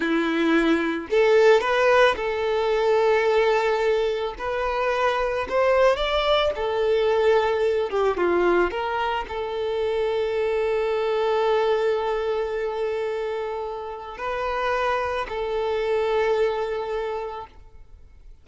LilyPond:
\new Staff \with { instrumentName = "violin" } { \time 4/4 \tempo 4 = 110 e'2 a'4 b'4 | a'1 | b'2 c''4 d''4 | a'2~ a'8 g'8 f'4 |
ais'4 a'2.~ | a'1~ | a'2 b'2 | a'1 | }